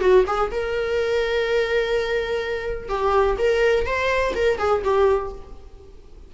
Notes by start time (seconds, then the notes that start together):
0.00 F#4
0.26 G#4
0.51 A#4
2.88 G4
3.38 A#4
3.86 C5
4.35 A#4
4.58 G#4
4.83 G4